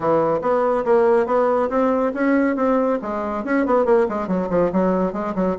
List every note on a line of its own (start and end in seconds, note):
0.00 0.40 E3
0.41 0.84 B3
0.85 1.26 A#3
1.26 1.69 B3
1.69 2.12 C4
2.14 2.56 C#4
2.56 2.98 C4
3.01 3.44 G#3
3.44 3.65 C#4
3.66 3.85 B3
3.85 4.06 A#3
4.08 4.27 G#3
4.27 4.48 F#3
4.49 4.71 F3
4.72 5.12 F#3
5.12 5.34 G#3
5.35 5.56 F#3